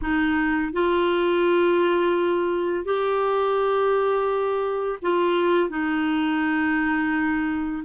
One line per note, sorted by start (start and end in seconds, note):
0.01 0.72 D#4
0.72 2.84 F4
2.84 4.99 G4
5.02 5.69 F4
5.69 7.84 D#4